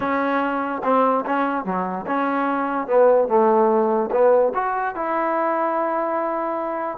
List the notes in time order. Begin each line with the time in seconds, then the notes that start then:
0.00 C#4
0.83 C4
1.25 C#4
1.64 F#3
2.06 C#4
2.87 B3
3.28 A3
4.11 B3
4.54 F#4
4.95 E4